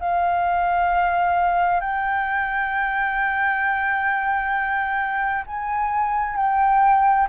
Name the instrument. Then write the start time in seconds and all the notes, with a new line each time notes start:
flute
0.00 F5
1.80 G5
5.46 G#5
6.36 G5